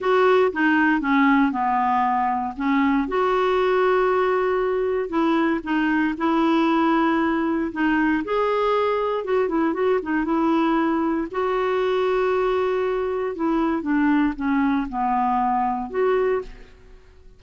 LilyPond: \new Staff \with { instrumentName = "clarinet" } { \time 4/4 \tempo 4 = 117 fis'4 dis'4 cis'4 b4~ | b4 cis'4 fis'2~ | fis'2 e'4 dis'4 | e'2. dis'4 |
gis'2 fis'8 e'8 fis'8 dis'8 | e'2 fis'2~ | fis'2 e'4 d'4 | cis'4 b2 fis'4 | }